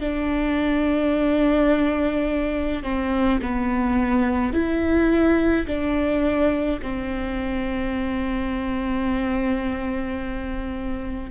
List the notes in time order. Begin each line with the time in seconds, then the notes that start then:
0.00 D4
2.83 C4
3.41 B3
4.53 E4
5.67 D4
6.82 C4